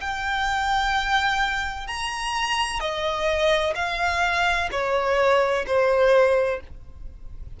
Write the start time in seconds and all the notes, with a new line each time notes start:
0.00 G5
1.87 A#5
2.80 D#5
3.75 F5
4.71 C#5
5.66 C5